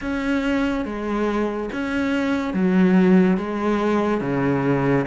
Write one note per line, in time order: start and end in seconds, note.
0.01 0.85 C#4
0.85 1.69 G#3
1.72 2.54 C#4
2.54 3.37 F#3
3.37 4.21 G#3
4.21 5.05 C#3